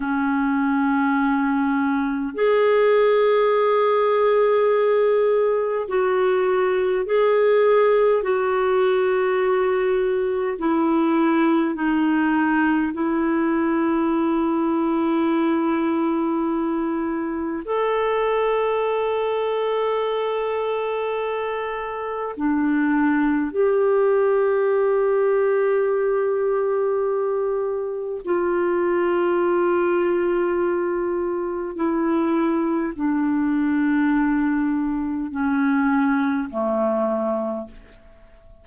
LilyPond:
\new Staff \with { instrumentName = "clarinet" } { \time 4/4 \tempo 4 = 51 cis'2 gis'2~ | gis'4 fis'4 gis'4 fis'4~ | fis'4 e'4 dis'4 e'4~ | e'2. a'4~ |
a'2. d'4 | g'1 | f'2. e'4 | d'2 cis'4 a4 | }